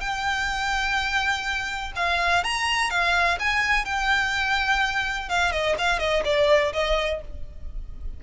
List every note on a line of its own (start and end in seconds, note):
0.00 1.92 G5
1.96 2.44 F5
2.44 2.90 A#5
2.90 3.38 F5
3.39 3.85 G#5
3.85 5.29 G5
5.29 5.52 F5
5.52 5.76 D#5
5.78 5.99 F5
5.99 6.23 D#5
6.25 6.73 D5
6.73 7.21 D#5